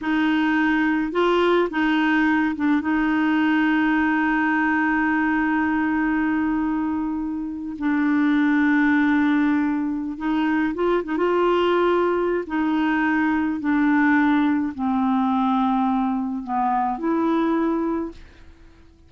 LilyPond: \new Staff \with { instrumentName = "clarinet" } { \time 4/4 \tempo 4 = 106 dis'2 f'4 dis'4~ | dis'8 d'8 dis'2.~ | dis'1~ | dis'4.~ dis'16 d'2~ d'16~ |
d'2 dis'4 f'8 dis'16 f'16~ | f'2 dis'2 | d'2 c'2~ | c'4 b4 e'2 | }